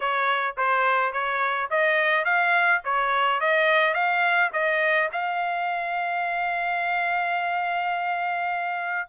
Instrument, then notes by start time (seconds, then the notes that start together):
trumpet
0.00 C#5
0.57 C5
1.12 C#5
1.70 D#5
2.24 F5
2.84 C#5
3.40 D#5
3.93 F5
4.52 D#5
5.12 F5